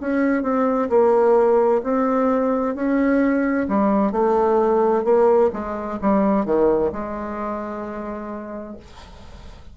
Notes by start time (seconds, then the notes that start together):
0.00 C#4
0.42 C4
0.89 A#3
1.83 C4
2.75 C#4
3.68 G3
4.12 A3
5.04 A#3
5.53 G#3
6.02 G3
6.45 D#3
6.92 G#3